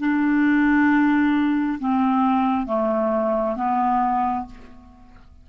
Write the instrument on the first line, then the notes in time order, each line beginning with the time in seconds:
clarinet
0.00 D4
1.80 C4
2.67 A3
3.57 B3